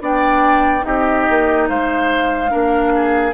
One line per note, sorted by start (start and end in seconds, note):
0.00 0.83 B3
0.00 0.81 D4
0.00 0.85 D5
0.00 0.84 G5
0.81 1.28 C4
0.81 2.48 D#4
0.81 1.68 G4
0.81 1.68 D#5
1.29 1.69 A#3
1.68 2.52 G#3
1.68 2.51 C5
1.68 3.34 F5
2.49 3.34 A#3
2.49 3.32 D4
2.49 2.92 A#4
2.95 3.34 G#4